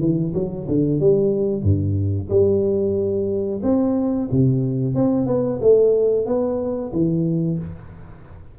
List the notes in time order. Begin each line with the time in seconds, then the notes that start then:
0.00 E3
0.34 F#3
0.68 D3
1.00 G3
1.63 G2
2.29 G3
3.63 C4
4.31 C3
4.95 C4
5.27 B3
5.62 A3
6.26 B3
6.93 E3